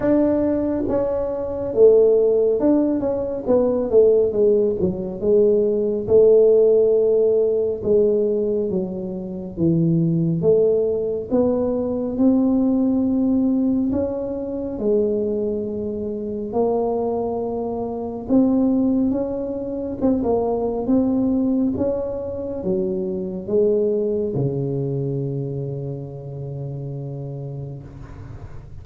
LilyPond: \new Staff \with { instrumentName = "tuba" } { \time 4/4 \tempo 4 = 69 d'4 cis'4 a4 d'8 cis'8 | b8 a8 gis8 fis8 gis4 a4~ | a4 gis4 fis4 e4 | a4 b4 c'2 |
cis'4 gis2 ais4~ | ais4 c'4 cis'4 c'16 ais8. | c'4 cis'4 fis4 gis4 | cis1 | }